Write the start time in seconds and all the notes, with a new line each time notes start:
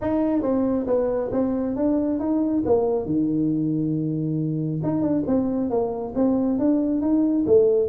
0.01 D#4
0.42 C4
0.86 B3
1.32 C4
1.76 D4
2.19 D#4
2.65 A#3
3.05 D#3
4.83 D#4
5.01 D4
5.26 C4
5.69 A#3
6.15 C4
6.58 D4
7.01 D#4
7.46 A3